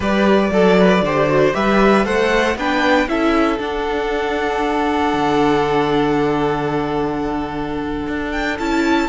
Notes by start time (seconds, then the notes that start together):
0.00 G3 G4 B4 D5
0.51 F#3 A4
0.78 B4
1.01 D3 G4 C5
1.28 F#4
1.52 G3 G4 B4 E5
2.04 A3 A4 C5 F#5
2.55 B3 D4 B4 G5
3.07 C#4 E4 A4 E5
3.58 D4 F#5
5.13 D3
8.07 D4
8.31 G5
8.59 C#4 E4 A5